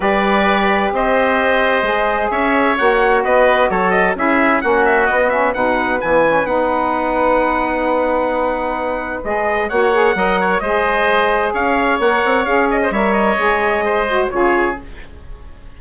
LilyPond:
<<
  \new Staff \with { instrumentName = "trumpet" } { \time 4/4 \tempo 4 = 130 d''2 dis''2~ | dis''4 e''4 fis''4 dis''4 | cis''8 dis''8 e''4 fis''8 e''8 dis''8 e''8 | fis''4 gis''4 fis''2~ |
fis''1 | dis''4 fis''2 dis''4~ | dis''4 f''4 fis''4 f''8 dis''8 | e''8 dis''2~ dis''8 cis''4 | }
  \new Staff \with { instrumentName = "oboe" } { \time 4/4 b'2 c''2~ | c''4 cis''2 b'4 | a'4 gis'4 fis'2 | b'1~ |
b'1~ | b'4 cis''4 dis''8 cis''8 c''4~ | c''4 cis''2~ cis''8. c''16 | cis''2 c''4 gis'4 | }
  \new Staff \with { instrumentName = "saxophone" } { \time 4/4 g'1 | gis'2 fis'2~ | fis'4 e'4 cis'4 b8 cis'8 | dis'4 b8 cis'8 dis'2~ |
dis'1 | gis'4 fis'8 gis'8 ais'4 gis'4~ | gis'2 ais'4 gis'4 | ais'4 gis'4. fis'8 f'4 | }
  \new Staff \with { instrumentName = "bassoon" } { \time 4/4 g2 c'2 | gis4 cis'4 ais4 b4 | fis4 cis'4 ais4 b4 | b,4 e4 b2~ |
b1 | gis4 ais4 fis4 gis4~ | gis4 cis'4 ais8 c'8 cis'4 | g4 gis2 cis4 | }
>>